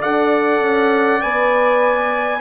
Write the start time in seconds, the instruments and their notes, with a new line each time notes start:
0.00 bassoon D4, horn A4, trumpet D5 F#5
0.60 bassoon C#4
1.21 bassoon B3, horn B4, trumpet G#5